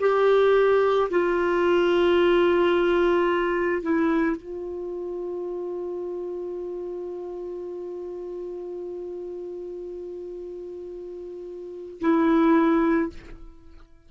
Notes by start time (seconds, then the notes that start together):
0.00 G4
1.10 F4
3.82 E4
4.36 F4
12.00 E4